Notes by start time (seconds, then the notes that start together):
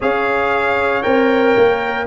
0.00 C#4 G#4 C#5 F5
1.02 C4 A#4 G5
1.56 A#3